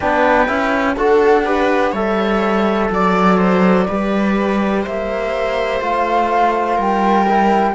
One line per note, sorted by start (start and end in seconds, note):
0.00 0.48 B3
0.00 0.47 D4
0.00 0.96 B4
0.00 0.96 G5
0.47 0.97 C#4
0.47 0.96 E4
0.96 1.92 D4
0.96 1.45 F#4
0.96 1.45 A4
0.96 1.94 F#5
1.45 1.93 G4
1.45 1.92 B4
1.92 2.89 G3
1.92 3.87 A4
1.92 2.89 C#5
1.92 2.91 E5
2.90 3.86 F#3
2.90 4.85 D5
2.90 3.37 D5
3.37 3.86 C5
3.87 4.86 G3
3.87 5.80 G4
3.87 4.82 B4
4.82 5.80 A#3
4.82 6.76 C5
4.82 5.81 E5
5.80 6.77 A3
5.80 7.26 F4
5.80 6.80 F5
6.76 7.74 G3
6.76 7.72 A#4
6.76 7.74 G5
7.27 7.74 E4